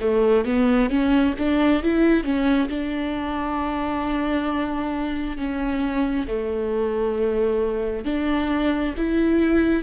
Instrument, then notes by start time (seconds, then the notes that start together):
viola
0.00 A3
0.45 B3
0.90 C#4
1.38 D4
1.83 E4
2.23 C#4
2.69 D4
5.37 C#4
6.27 A3
8.05 D4
8.97 E4